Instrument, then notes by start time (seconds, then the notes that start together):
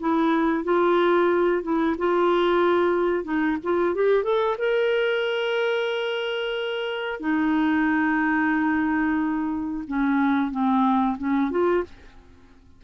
clarinet
0.00 E4
0.64 F4
1.63 E4
1.98 F4
3.24 D#4
3.63 F4
3.95 G4
4.23 A4
4.58 A#4
7.20 D#4
9.87 C#4
10.51 C4
11.18 C#4
11.51 F4